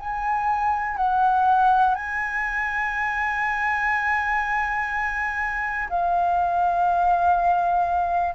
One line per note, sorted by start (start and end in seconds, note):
0.00 0.97 G#5
0.97 1.95 F#5
1.95 5.89 G#5
5.90 8.36 F5